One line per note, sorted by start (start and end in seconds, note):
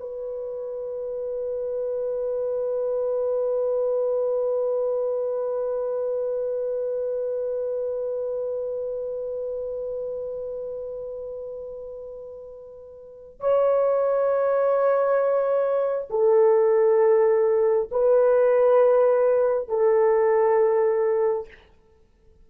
0.00 13.40 B4
13.40 16.09 C#5
16.11 17.90 A4
17.91 19.69 B4
19.69 21.48 A4